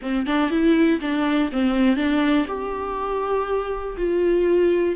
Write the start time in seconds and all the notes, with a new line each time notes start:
0.02 C4
0.26 D4
0.50 E4
1.00 D4
1.52 C4
1.96 D4
2.47 G4
3.97 F4